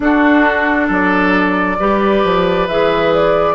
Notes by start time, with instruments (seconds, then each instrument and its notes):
0.00 bassoon D4, clarinet D4, oboe F#4, flute A4
0.87 bassoon F#3, oboe A4, flute D5
1.79 bassoon G3, clarinet G4, oboe B4
2.24 bassoon F3
2.67 bassoon E3, clarinet G#4, flute E5
3.13 flute D5